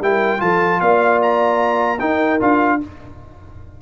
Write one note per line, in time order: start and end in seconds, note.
0.00 0.40 G3
0.00 0.38 E4
0.00 0.40 A#4
0.00 0.40 G5
0.38 0.81 F3
0.38 1.98 F4
0.38 0.80 A4
0.38 0.80 A5
0.80 2.00 A#3
0.80 1.99 D5
0.80 1.20 F5
1.21 1.99 A#5
1.99 2.40 D#4
1.99 2.39 D#4
1.99 2.79 A#4
1.99 2.39 G5
2.39 2.81 D4
2.39 2.79 F4
2.39 2.81 F5